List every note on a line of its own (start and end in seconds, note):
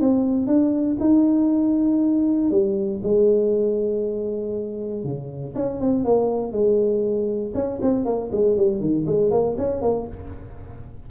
0.00 0.47 C4
0.47 0.97 D4
1.00 2.50 D#4
2.50 3.01 G3
3.03 5.04 G#3
5.04 5.54 C#3
5.55 5.80 C#4
5.80 6.04 C4
6.04 6.52 A#3
6.52 7.53 G#3
7.54 7.79 C#4
7.82 8.05 C4
8.05 8.30 A#3
8.31 8.56 G#3
8.56 8.80 G3
8.80 9.05 D#3
9.06 9.30 G#3
9.30 9.56 A#3
9.57 9.81 C#4
9.81 10.06 A#3